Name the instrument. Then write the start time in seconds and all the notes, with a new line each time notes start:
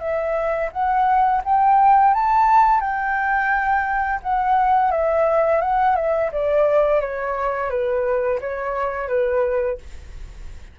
flute
0.00 E5
0.72 F#5
1.45 G5
2.14 A5
2.81 G5
4.23 F#5
4.92 E5
5.62 F#5
5.96 E5
6.32 D5
7.01 C#5
7.70 B4
8.41 C#5
9.09 B4